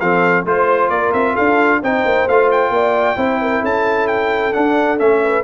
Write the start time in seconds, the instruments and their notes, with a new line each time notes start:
0.00 tuba F3, trombone C4, horn A4, trumpet F5
0.45 tuba A3, trombone F4, trumpet C5, horn C5
0.90 tuba A#3, horn A#4, trumpet D5
1.13 tuba C4, trumpet E5
1.34 tuba D4, horn A4, trumpet F5
1.82 tuba C4, trombone D#4, horn C5, trumpet G5
2.05 tuba A#3
2.28 tuba A3, trombone F4, trumpet F5
2.52 trumpet G5
2.70 tuba A#3, horn D5
3.17 tuba C4, trombone E4, horn C5
3.41 horn A#4
3.61 tuba C#4, horn A4, trumpet A5
4.08 trumpet G5
4.53 trombone D4, tuba D4, trumpet F#5
4.98 tuba A3, trombone C#4, trumpet E5
5.23 horn B4